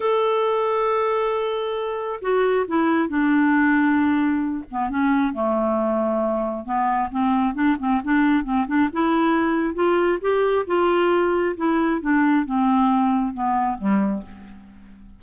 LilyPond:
\new Staff \with { instrumentName = "clarinet" } { \time 4/4 \tempo 4 = 135 a'1~ | a'4 fis'4 e'4 d'4~ | d'2~ d'8 b8 cis'4 | a2. b4 |
c'4 d'8 c'8 d'4 c'8 d'8 | e'2 f'4 g'4 | f'2 e'4 d'4 | c'2 b4 g4 | }